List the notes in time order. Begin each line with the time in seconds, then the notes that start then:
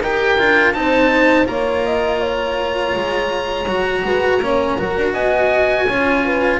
0.00 D#4 G4 A#4 G5
0.38 D4 F4
0.73 C4 D#4 C5 A5
1.45 A#3 F4 C#5 A#5
1.85 D#5
2.20 C#5
2.95 G#3
3.66 F#3 F#4
4.04 G#3 B4
4.39 A#3 C#4 C#5
4.78 F#3 F#4 A#4
4.96 D4
5.13 B3 D#5 G#5
5.86 C#4 F4 C#5
6.24 B4